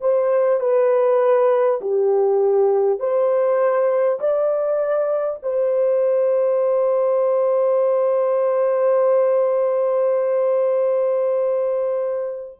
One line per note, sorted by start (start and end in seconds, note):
0.00 0.60 C5
0.60 1.80 B4
1.81 2.99 G4
2.99 4.19 C5
4.19 5.39 D5
5.42 12.60 C5